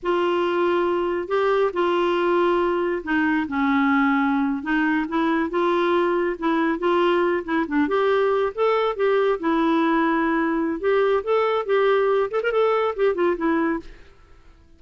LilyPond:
\new Staff \with { instrumentName = "clarinet" } { \time 4/4 \tempo 4 = 139 f'2. g'4 | f'2. dis'4 | cis'2~ cis'8. dis'4 e'16~ | e'8. f'2 e'4 f'16~ |
f'4~ f'16 e'8 d'8 g'4. a'16~ | a'8. g'4 e'2~ e'16~ | e'4 g'4 a'4 g'4~ | g'8 a'16 ais'16 a'4 g'8 f'8 e'4 | }